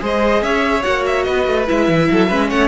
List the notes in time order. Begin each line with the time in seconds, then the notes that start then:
0.00 G#3 G#4 C5 D#5
0.42 C#4 C#5 E5
0.83 A#3 F#4 F#5
1.06 E5
1.24 B3 B4 D#5
1.47 A3
1.68 G#3 E4 E5
1.89 E3
2.12 F#3 A4
2.27 G#3 C#4 B4
2.50 A3 C#5 F#5